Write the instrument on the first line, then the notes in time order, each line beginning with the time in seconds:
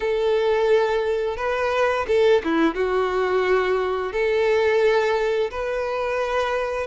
violin
0.00 A4
1.36 B4
2.07 A4
2.44 E4
2.75 F#4
4.12 A4
5.50 B4